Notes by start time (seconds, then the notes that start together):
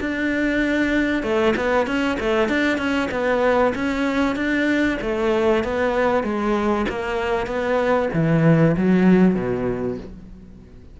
0.00 D4
1.22 A3
1.56 B3
1.86 C#4
2.20 A3
2.48 D4
2.78 C#4
3.11 B3
3.75 C#4
4.36 D4
5.01 A3
5.64 B3
6.23 G#3
6.89 A#3
7.46 B3
8.13 E3
8.77 F#3
9.35 B2